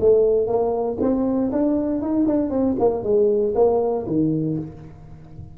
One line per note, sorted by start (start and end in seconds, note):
0.00 0.46 A3
0.46 0.97 A#3
1.00 1.51 C4
1.52 2.01 D4
2.01 2.27 D#4
2.27 2.50 D4
2.50 2.75 C4
2.79 3.03 A#3
3.03 3.54 G#3
3.55 4.05 A#3
4.06 4.57 D#3